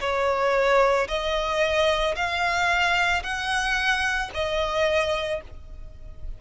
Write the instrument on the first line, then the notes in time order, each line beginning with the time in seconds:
violin
0.00 C#5
1.08 D#5
2.15 F5
3.23 F#5
4.34 D#5